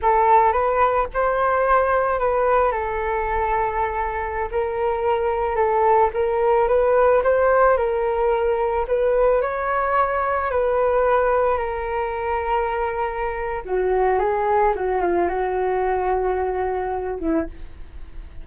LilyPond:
\new Staff \with { instrumentName = "flute" } { \time 4/4 \tempo 4 = 110 a'4 b'4 c''2 | b'4 a'2.~ | a'16 ais'2 a'4 ais'8.~ | ais'16 b'4 c''4 ais'4.~ ais'16~ |
ais'16 b'4 cis''2 b'8.~ | b'4~ b'16 ais'2~ ais'8.~ | ais'4 fis'4 gis'4 fis'8 f'8 | fis'2.~ fis'8 e'8 | }